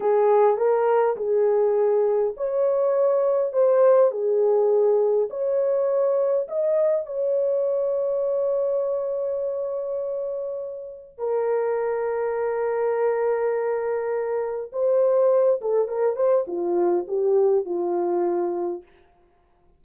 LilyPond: \new Staff \with { instrumentName = "horn" } { \time 4/4 \tempo 4 = 102 gis'4 ais'4 gis'2 | cis''2 c''4 gis'4~ | gis'4 cis''2 dis''4 | cis''1~ |
cis''2. ais'4~ | ais'1~ | ais'4 c''4. a'8 ais'8 c''8 | f'4 g'4 f'2 | }